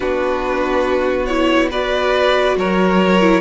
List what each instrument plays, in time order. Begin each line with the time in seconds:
0.00 cello B3, viola D4, violin F#4 B4
1.26 viola E4, violin C#5
1.70 viola F#4, violin B4 D5
2.56 cello F#3, violin A#4 C#5
3.21 viola E4